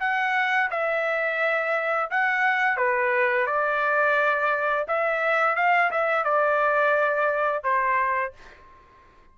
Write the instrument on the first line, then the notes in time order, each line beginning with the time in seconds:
trumpet
0.00 F#5
0.71 E5
2.11 F#5
2.77 B4
3.47 D5
4.88 E5
5.56 F5
5.91 E5
6.24 D5
7.63 C5